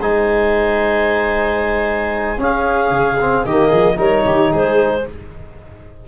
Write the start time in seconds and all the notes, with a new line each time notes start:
0.00 G#3 D#4 C5 G#5
2.38 C#4 G#4 F5
2.91 C#3
3.21 C4
3.45 D#3 A#3 G4 D#5
3.69 F3 G#4
3.96 G3 D#4 A#4 C#5
4.26 D#3 G4
4.52 G#3 G#4 C5